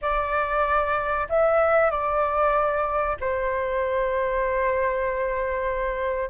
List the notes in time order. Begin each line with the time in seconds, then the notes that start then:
0.01 D5
1.29 E5
1.91 D5
3.20 C5